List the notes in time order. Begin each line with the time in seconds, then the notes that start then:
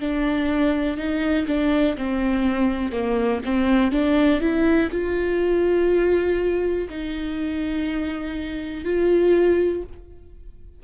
0.00 D4
0.97 D#4
1.48 D4
1.98 C4
2.92 A#3
3.45 C4
3.92 D4
4.41 E4
4.92 F4
6.90 D#4
8.85 F4